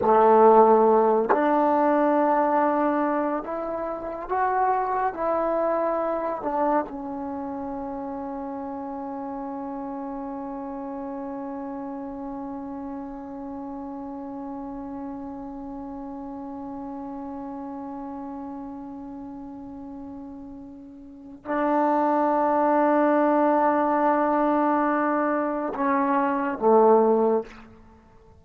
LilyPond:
\new Staff \with { instrumentName = "trombone" } { \time 4/4 \tempo 4 = 70 a4. d'2~ d'8 | e'4 fis'4 e'4. d'8 | cis'1~ | cis'1~ |
cis'1~ | cis'1~ | cis'4 d'2.~ | d'2 cis'4 a4 | }